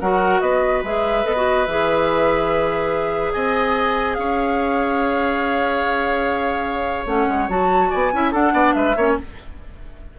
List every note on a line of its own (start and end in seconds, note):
0.00 0.41 F#3
0.00 0.85 F#4
0.00 0.42 A#4
0.00 0.41 F#5
0.41 0.83 B3
0.41 3.33 B4
0.41 0.83 D#5
0.84 1.26 G#3
0.84 1.24 G#4
0.84 1.26 E5
1.24 1.67 B3
1.24 1.35 A4
1.24 1.66 D#5
1.36 1.67 F#4
1.66 3.34 E3
1.66 7.07 G#4
1.66 3.33 E5
3.33 4.18 C4
3.33 4.18 D#5
3.33 4.14 G#5
4.14 7.06 C#4
4.14 7.90 C#5
4.14 7.06 F5
7.06 7.27 A3
7.06 7.49 C#4
7.06 7.49 F#5
7.29 7.49 G#3
7.49 7.90 F#3
7.49 8.12 F#4
7.49 7.91 A5
7.90 8.13 B3
7.90 8.11 D5
7.90 8.33 G#5
8.13 8.33 C#4
8.13 8.33 E4
8.13 8.32 E5
8.32 8.95 D4
8.32 8.53 D4
8.32 8.53 A4
8.32 8.74 F#5
8.53 8.74 B3
8.53 8.74 D5
8.74 8.96 G#3
8.74 8.97 B4
8.74 9.16 E5
8.97 9.17 A#3
8.97 9.19 C#4
8.97 9.18 C#5